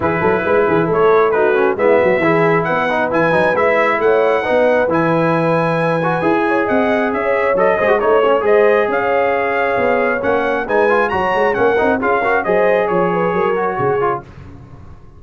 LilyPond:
<<
  \new Staff \with { instrumentName = "trumpet" } { \time 4/4 \tempo 4 = 135 b'2 cis''4 b'4 | e''2 fis''4 gis''4 | e''4 fis''2 gis''4~ | gis''2. fis''4 |
e''4 dis''4 cis''4 dis''4 | f''2. fis''4 | gis''4 ais''4 fis''4 f''4 | dis''4 cis''2. | }
  \new Staff \with { instrumentName = "horn" } { \time 4/4 gis'8 a'8 b'8 gis'8 a'4 fis'4 | e'8 fis'8 gis'4 b'2~ | b'4 cis''4 b'2~ | b'2~ b'8 cis''8 dis''4 |
cis''4. c''8 cis''4 c''4 | cis''1 | b'4 cis''4 ais'4 gis'8 ais'8 | c''4 cis''8 b'8 ais'4 gis'4 | }
  \new Staff \with { instrumentName = "trombone" } { \time 4/4 e'2. dis'8 cis'8 | b4 e'4. dis'8 e'8 dis'8 | e'2 dis'4 e'4~ | e'4. fis'8 gis'2~ |
gis'4 a'8 gis'16 fis'16 dis'8 cis'8 gis'4~ | gis'2. cis'4 | dis'8 f'8 fis'4 cis'8 dis'8 f'8 fis'8 | gis'2~ gis'8 fis'4 f'8 | }
  \new Staff \with { instrumentName = "tuba" } { \time 4/4 e8 fis8 gis8 e8 a2 | gis8 fis8 e4 b4 e8 fis8 | gis4 a4 b4 e4~ | e2 e'4 c'4 |
cis'4 fis8 gis8 a4 gis4 | cis'2 b4 ais4 | gis4 fis8 gis8 ais8 c'8 cis'4 | fis4 f4 fis4 cis4 | }
>>